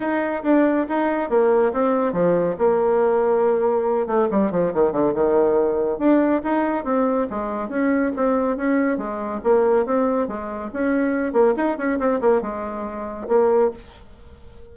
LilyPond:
\new Staff \with { instrumentName = "bassoon" } { \time 4/4 \tempo 4 = 140 dis'4 d'4 dis'4 ais4 | c'4 f4 ais2~ | ais4. a8 g8 f8 dis8 d8 | dis2 d'4 dis'4 |
c'4 gis4 cis'4 c'4 | cis'4 gis4 ais4 c'4 | gis4 cis'4. ais8 dis'8 cis'8 | c'8 ais8 gis2 ais4 | }